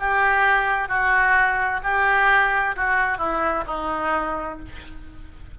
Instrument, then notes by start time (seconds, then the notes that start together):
oboe
0.00 G4
0.89 F#4
1.84 G4
2.77 F#4
3.18 E4
3.67 D#4